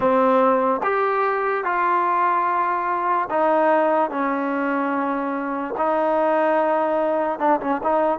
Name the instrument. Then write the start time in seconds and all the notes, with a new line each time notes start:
trombone
0.00 C4
0.83 G4
1.64 F4
3.30 D#4
4.10 C#4
5.77 D#4
7.39 D4
7.60 C#4
7.83 D#4